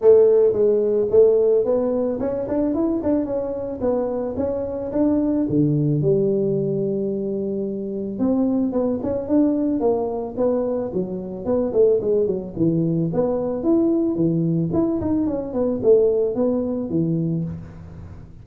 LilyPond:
\new Staff \with { instrumentName = "tuba" } { \time 4/4 \tempo 4 = 110 a4 gis4 a4 b4 | cis'8 d'8 e'8 d'8 cis'4 b4 | cis'4 d'4 d4 g4~ | g2. c'4 |
b8 cis'8 d'4 ais4 b4 | fis4 b8 a8 gis8 fis8 e4 | b4 e'4 e4 e'8 dis'8 | cis'8 b8 a4 b4 e4 | }